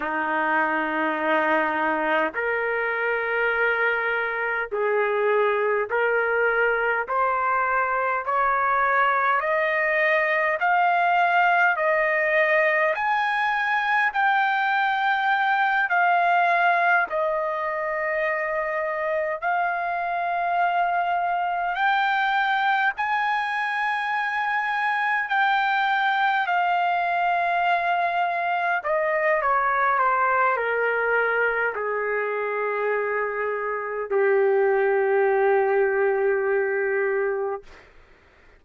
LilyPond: \new Staff \with { instrumentName = "trumpet" } { \time 4/4 \tempo 4 = 51 dis'2 ais'2 | gis'4 ais'4 c''4 cis''4 | dis''4 f''4 dis''4 gis''4 | g''4. f''4 dis''4.~ |
dis''8 f''2 g''4 gis''8~ | gis''4. g''4 f''4.~ | f''8 dis''8 cis''8 c''8 ais'4 gis'4~ | gis'4 g'2. | }